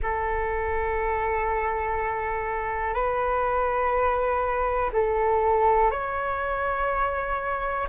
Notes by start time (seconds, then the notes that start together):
0.02 A4
2.93 B4
4.92 A4
5.90 C#5